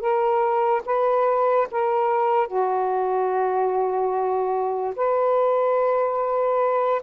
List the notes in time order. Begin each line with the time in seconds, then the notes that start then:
0.00 A#4
0.86 B4
1.71 A#4
2.47 F#4
4.96 B4